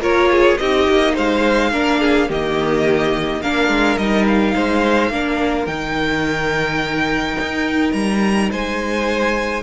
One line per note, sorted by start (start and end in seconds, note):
0.00 0.57 A#3
0.00 0.58 F4
0.00 0.29 A#4
0.00 0.57 C#5
0.31 0.59 G#4
0.57 0.87 C4
0.57 1.73 D#4
0.57 1.14 G4
0.57 1.14 D#5
0.89 1.17 A#3
1.14 1.72 G#3
1.14 1.71 C5
1.14 2.30 F5
1.72 2.29 A#3
1.72 2.29 D4
1.72 2.00 A#4
2.00 2.28 G#4
2.28 3.41 D#3
2.28 3.42 A#3
2.28 3.41 G4
2.28 3.42 D#5
3.41 3.68 A#3
3.41 4.00 D4
3.41 4.55 A#4
3.41 3.97 F5
3.68 3.96 G#3
3.97 4.54 G3
3.97 5.12 D#4
3.97 4.26 D#5
4.27 5.66 F5
4.55 5.10 G#3
4.55 5.11 C5
5.10 5.67 A#3
5.10 5.68 D4
5.10 8.50 A#4
5.66 7.36 D#3
5.66 9.63 D#4
5.66 7.92 G5
7.41 7.93 D#4
7.92 8.50 G3
7.92 8.49 A#5
8.50 9.63 G#3
8.50 9.63 C5
8.50 9.63 G#5